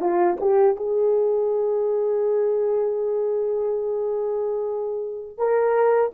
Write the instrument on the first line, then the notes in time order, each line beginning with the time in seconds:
horn
0.00 F4
0.40 G4
0.76 G#4
5.37 A#4